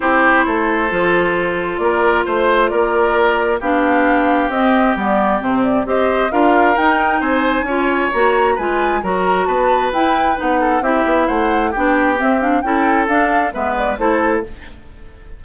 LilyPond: <<
  \new Staff \with { instrumentName = "flute" } { \time 4/4 \tempo 4 = 133 c''1 | d''4 c''4 d''2 | f''2 dis''4 d''4 | c''8 d''8 dis''4 f''4 g''4 |
gis''2 ais''4 gis''4 | ais''4 a''4 g''4 fis''4 | e''4 fis''4 g''4 e''8 f''8 | g''4 f''4 e''8 d''8 c''4 | }
  \new Staff \with { instrumentName = "oboe" } { \time 4/4 g'4 a'2. | ais'4 c''4 ais'2 | g'1~ | g'4 c''4 ais'2 |
c''4 cis''2 b'4 | ais'4 b'2~ b'8 a'8 | g'4 c''4 g'2 | a'2 b'4 a'4 | }
  \new Staff \with { instrumentName = "clarinet" } { \time 4/4 e'2 f'2~ | f'1 | d'2 c'4 b4 | c'4 g'4 f'4 dis'4~ |
dis'4 f'4 fis'4 f'4 | fis'2 e'4 dis'4 | e'2 d'4 c'8 d'8 | e'4 d'4 b4 e'4 | }
  \new Staff \with { instrumentName = "bassoon" } { \time 4/4 c'4 a4 f2 | ais4 a4 ais2 | b2 c'4 g4 | c4 c'4 d'4 dis'4 |
c'4 cis'4 ais4 gis4 | fis4 b4 e'4 b4 | c'8 b8 a4 b4 c'4 | cis'4 d'4 gis4 a4 | }
>>